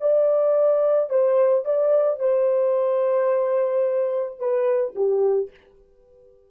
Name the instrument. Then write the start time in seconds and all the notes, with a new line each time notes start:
horn
0.00 D5
1.09 C5
1.64 D5
2.19 C5
4.39 B4
4.95 G4